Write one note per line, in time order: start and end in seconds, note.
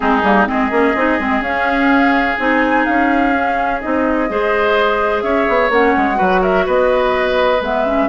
0.00 0.22 G#3
0.00 0.22 C4
0.00 0.48 D#4
0.00 0.46 G#4
0.22 0.46 G3
0.22 0.46 A#3
0.46 0.70 G#3
0.46 0.70 C4
0.46 4.29 G#4
0.46 1.43 D#5
0.70 0.94 A#3
0.70 0.94 C#4
0.95 1.18 C4
0.95 1.19 D#4
1.19 1.40 G#3
1.19 1.43 C4
1.40 2.36 C#4
1.40 2.38 C#4
1.40 2.38 F5
2.38 2.87 C4
2.38 3.33 D#4
2.38 2.85 G#5
2.85 3.83 C#4
2.85 3.80 F5
3.35 3.81 C#4
3.80 4.29 C4
3.80 4.28 D#4
3.80 5.21 D#5
4.28 5.22 G#3
4.28 5.71 G#4
4.28 5.23 C5
5.21 5.46 C#4
5.21 6.17 C#5
5.21 5.69 E5
5.48 5.69 B3
5.69 5.93 A#3
5.69 6.14 C#4
5.69 6.42 F#5
5.96 6.20 G#3
6.14 6.67 F#3
6.14 7.57 F#4
6.14 6.40 B4
6.41 6.65 A#4
6.41 6.66 E5
6.66 7.60 B3
6.66 8.08 B4
6.66 7.62 D#5
7.60 8.08 G#3
7.60 7.85 B3
7.60 8.08 E5
7.85 8.08 C#4